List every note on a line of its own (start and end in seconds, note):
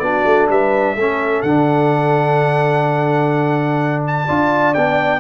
0.00 0.25 B3
0.00 0.97 D4
0.00 0.50 F#4
0.00 0.47 D5
0.25 0.49 A3
0.49 0.96 G3
0.49 0.96 B4
0.49 1.43 E5
0.96 1.43 A3
0.96 1.47 C#4
0.96 4.26 A4
1.43 4.27 D3
1.43 4.28 D4
1.43 4.02 F#5
4.07 4.75 A5
4.26 4.77 D4
4.26 4.76 F4
4.26 5.21 D5
4.75 5.21 B3
4.75 5.21 D4
4.75 5.21 G5